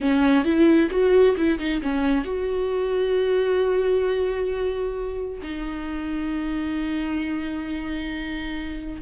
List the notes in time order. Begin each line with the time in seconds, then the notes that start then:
0.00 C#4
0.44 E4
0.90 F#4
1.37 E4
1.58 D#4
1.82 C#4
2.24 F#4
5.42 D#4